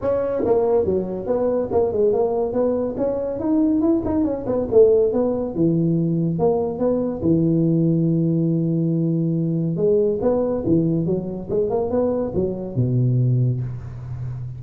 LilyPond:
\new Staff \with { instrumentName = "tuba" } { \time 4/4 \tempo 4 = 141 cis'4 ais4 fis4 b4 | ais8 gis8 ais4 b4 cis'4 | dis'4 e'8 dis'8 cis'8 b8 a4 | b4 e2 ais4 |
b4 e2.~ | e2. gis4 | b4 e4 fis4 gis8 ais8 | b4 fis4 b,2 | }